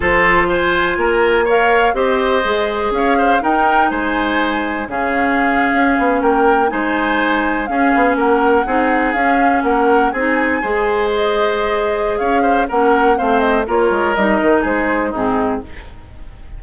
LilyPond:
<<
  \new Staff \with { instrumentName = "flute" } { \time 4/4 \tempo 4 = 123 c''4 gis''2 f''4 | dis''2 f''4 g''4 | gis''2 f''2~ | f''8. g''4 gis''2 f''16~ |
f''8. fis''2 f''4 fis''16~ | fis''8. gis''2 dis''4~ dis''16~ | dis''4 f''4 fis''4 f''8 dis''8 | cis''4 dis''4 c''4 gis'4 | }
  \new Staff \with { instrumentName = "oboe" } { \time 4/4 a'4 c''4 ais'4 cis''4 | c''2 cis''8 c''8 ais'4 | c''2 gis'2~ | gis'8. ais'4 c''2 gis'16~ |
gis'8. ais'4 gis'2 ais'16~ | ais'8. gis'4 c''2~ c''16~ | c''4 cis''8 c''8 ais'4 c''4 | ais'2 gis'4 dis'4 | }
  \new Staff \with { instrumentName = "clarinet" } { \time 4/4 f'2. ais'4 | g'4 gis'2 dis'4~ | dis'2 cis'2~ | cis'4.~ cis'16 dis'2 cis'16~ |
cis'4.~ cis'16 dis'4 cis'4~ cis'16~ | cis'8. dis'4 gis'2~ gis'16~ | gis'2 cis'4 c'4 | f'4 dis'2 c'4 | }
  \new Staff \with { instrumentName = "bassoon" } { \time 4/4 f2 ais2 | c'4 gis4 cis'4 dis'4 | gis2 cis4.~ cis16 cis'16~ | cis'16 b8 ais4 gis2 cis'16~ |
cis'16 b8 ais4 c'4 cis'4 ais16~ | ais8. c'4 gis2~ gis16~ | gis4 cis'4 ais4 a4 | ais8 gis8 g8 dis8 gis4 gis,4 | }
>>